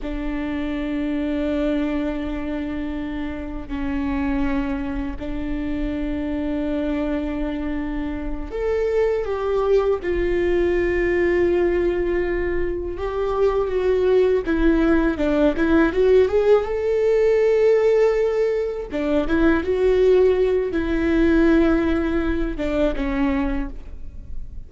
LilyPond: \new Staff \with { instrumentName = "viola" } { \time 4/4 \tempo 4 = 81 d'1~ | d'4 cis'2 d'4~ | d'2.~ d'8 a'8~ | a'8 g'4 f'2~ f'8~ |
f'4. g'4 fis'4 e'8~ | e'8 d'8 e'8 fis'8 gis'8 a'4.~ | a'4. d'8 e'8 fis'4. | e'2~ e'8 d'8 cis'4 | }